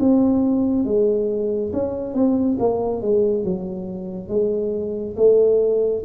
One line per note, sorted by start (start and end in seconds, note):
0.00 0.85 C4
0.85 1.72 G#3
1.73 2.15 C#4
2.15 2.58 C4
2.59 3.02 A#3
3.02 3.44 G#3
3.44 4.28 F#3
4.28 5.15 G#3
5.17 6.04 A3